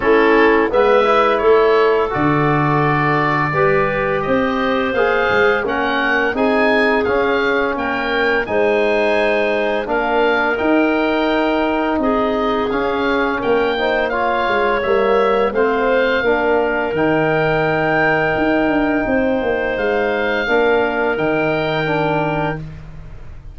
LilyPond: <<
  \new Staff \with { instrumentName = "oboe" } { \time 4/4 \tempo 4 = 85 a'4 e''4 cis''4 d''4~ | d''2 dis''4 f''4 | fis''4 gis''4 f''4 g''4 | gis''2 f''4 g''4~ |
g''4 dis''4 f''4 g''4 | f''4 e''4 f''2 | g''1 | f''2 g''2 | }
  \new Staff \with { instrumentName = "clarinet" } { \time 4/4 e'4 b'4 a'2~ | a'4 b'4 c''2 | ais'4 gis'2 ais'4 | c''2 ais'2~ |
ais'4 gis'2 ais'8 c''8 | cis''2 c''4 ais'4~ | ais'2. c''4~ | c''4 ais'2. | }
  \new Staff \with { instrumentName = "trombone" } { \time 4/4 cis'4 b8 e'4. fis'4~ | fis'4 g'2 gis'4 | cis'4 dis'4 cis'2 | dis'2 d'4 dis'4~ |
dis'2 cis'4. dis'8 | f'4 ais4 c'4 d'4 | dis'1~ | dis'4 d'4 dis'4 d'4 | }
  \new Staff \with { instrumentName = "tuba" } { \time 4/4 a4 gis4 a4 d4~ | d4 g4 c'4 ais8 gis8 | ais4 c'4 cis'4 ais4 | gis2 ais4 dis'4~ |
dis'4 c'4 cis'4 ais4~ | ais8 gis8 g4 a4 ais4 | dis2 dis'8 d'8 c'8 ais8 | gis4 ais4 dis2 | }
>>